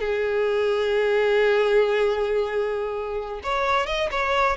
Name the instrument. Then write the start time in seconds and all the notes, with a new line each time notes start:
violin
0.00 G#4
3.43 C#5
3.87 D#5
4.11 C#5